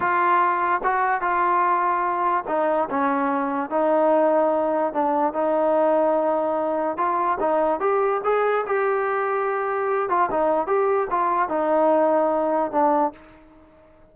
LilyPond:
\new Staff \with { instrumentName = "trombone" } { \time 4/4 \tempo 4 = 146 f'2 fis'4 f'4~ | f'2 dis'4 cis'4~ | cis'4 dis'2. | d'4 dis'2.~ |
dis'4 f'4 dis'4 g'4 | gis'4 g'2.~ | g'8 f'8 dis'4 g'4 f'4 | dis'2. d'4 | }